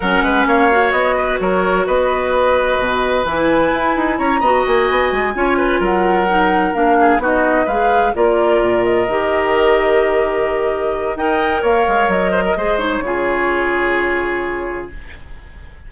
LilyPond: <<
  \new Staff \with { instrumentName = "flute" } { \time 4/4 \tempo 4 = 129 fis''4 f''4 dis''4 cis''4 | dis''2. gis''4~ | gis''4 ais''4 gis''2~ | gis''8 fis''2 f''4 dis''8~ |
dis''8 f''4 d''4. dis''4~ | dis''1 | g''4 f''4 dis''4. cis''8~ | cis''1 | }
  \new Staff \with { instrumentName = "oboe" } { \time 4/4 ais'8 b'8 cis''4. b'8 ais'4 | b'1~ | b'4 cis''8 dis''2 cis''8 | b'8 ais'2~ ais'8 gis'8 fis'8~ |
fis'8 b'4 ais'2~ ais'8~ | ais'1 | dis''4 cis''4. c''16 ais'16 c''4 | gis'1 | }
  \new Staff \with { instrumentName = "clarinet" } { \time 4/4 cis'4. fis'2~ fis'8~ | fis'2. e'4~ | e'4. fis'2 f'8~ | f'4. dis'4 d'4 dis'8~ |
dis'8 gis'4 f'2 g'8~ | g'1 | ais'2. gis'8 dis'8 | f'1 | }
  \new Staff \with { instrumentName = "bassoon" } { \time 4/4 fis8 gis8 ais4 b4 fis4 | b2 b,4 e4 | e'8 dis'8 cis'8 b8 ais8 b8 gis8 cis'8~ | cis'8 fis2 ais4 b8~ |
b8 gis4 ais4 ais,4 dis8~ | dis1 | dis'4 ais8 gis8 fis4 gis4 | cis1 | }
>>